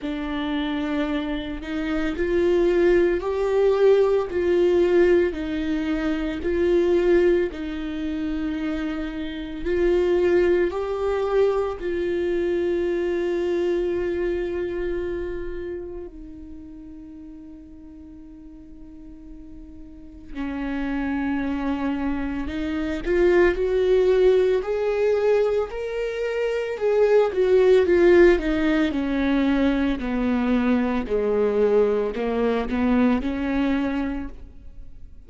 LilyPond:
\new Staff \with { instrumentName = "viola" } { \time 4/4 \tempo 4 = 56 d'4. dis'8 f'4 g'4 | f'4 dis'4 f'4 dis'4~ | dis'4 f'4 g'4 f'4~ | f'2. dis'4~ |
dis'2. cis'4~ | cis'4 dis'8 f'8 fis'4 gis'4 | ais'4 gis'8 fis'8 f'8 dis'8 cis'4 | b4 gis4 ais8 b8 cis'4 | }